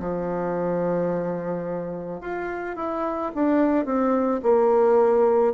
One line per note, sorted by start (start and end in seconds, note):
0.00 2.21 F3
2.21 2.76 F4
2.76 3.32 E4
3.35 3.85 D4
3.85 4.41 C4
4.43 5.54 A#3